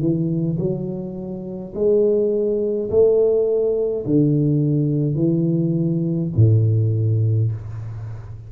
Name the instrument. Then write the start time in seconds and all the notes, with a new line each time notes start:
tuba
0.00 E3
0.59 F#3
1.75 G#3
2.91 A3
4.06 D3
5.15 E3
6.37 A2